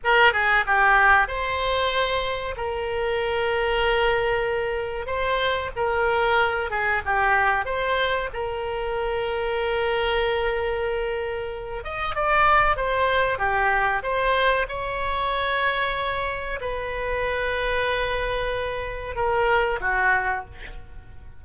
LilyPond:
\new Staff \with { instrumentName = "oboe" } { \time 4/4 \tempo 4 = 94 ais'8 gis'8 g'4 c''2 | ais'1 | c''4 ais'4. gis'8 g'4 | c''4 ais'2.~ |
ais'2~ ais'8 dis''8 d''4 | c''4 g'4 c''4 cis''4~ | cis''2 b'2~ | b'2 ais'4 fis'4 | }